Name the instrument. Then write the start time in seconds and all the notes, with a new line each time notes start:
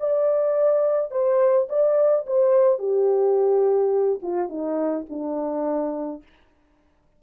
horn
0.00 D5
1.11 C5
1.69 D5
2.27 C5
2.79 G4
4.22 F4
4.49 D#4
5.09 D4